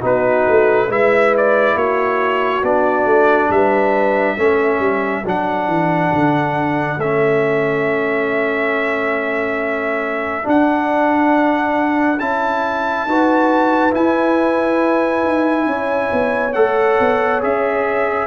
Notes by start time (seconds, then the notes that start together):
0.00 B3 D#4 F#4 B4
0.48 A3
0.89 G#3 E4 B4 E5
1.37 D5
1.75 A#3 F#4 C#5
2.63 B3 D4 D5
3.05 A3
3.49 G3 B4 E5
4.37 A3 C#4 A4
4.79 G3
5.25 F#3 D4 F#5
5.67 E3
6.13 D3
6.97 A3 C#4 E5
10.43 D4 F#5
12.19 C#4 E4 A5
13.06 D#4 F#4 B4
13.90 E4 G#5
15.24 D#4
15.66 C#4 C#5
16.12 B3
16.53 A3 A4 F#5
16.99 B3
17.41 C#4 G#4 E5